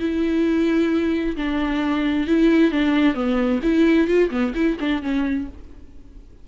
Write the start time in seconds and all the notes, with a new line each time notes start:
0.00 E4
1.37 D4
2.27 E4
2.72 D4
3.15 B3
3.63 E4
4.08 F4
4.31 B3
4.55 E4
4.80 D4
5.02 C#4